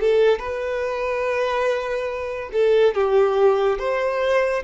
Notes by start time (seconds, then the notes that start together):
0.00 A4
0.39 B4
2.52 A4
2.95 G4
3.78 C5